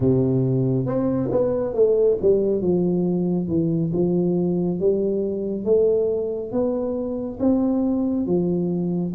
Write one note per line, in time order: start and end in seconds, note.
0.00 0.86 C3
0.86 1.29 C4
1.30 1.74 B3
1.74 2.17 A3
2.21 2.61 G3
2.61 3.48 F3
3.48 3.91 E3
3.92 4.79 F3
4.79 5.64 G3
5.64 6.51 A3
6.52 7.39 B3
7.39 8.26 C4
8.26 9.13 F3